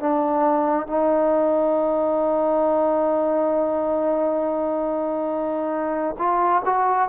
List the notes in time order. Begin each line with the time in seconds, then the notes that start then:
0.00 D4
0.87 D#4
6.19 F4
6.66 F#4